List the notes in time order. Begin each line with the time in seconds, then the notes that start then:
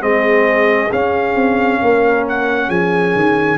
0.00 G#3 C4 G#4 D#5
0.92 C#4 F5
1.35 C4
1.81 A#3 A#4
2.28 F#5
2.68 F3 G#4 G#5
3.15 D#3